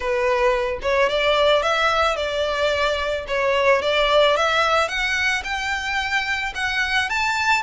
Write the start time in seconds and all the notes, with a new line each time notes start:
0.00 B4
0.82 C#5
1.09 D5
1.62 E5
2.16 D5
3.27 C#5
3.82 D5
4.36 E5
4.88 F#5
5.44 G5
6.55 F#5
7.09 A5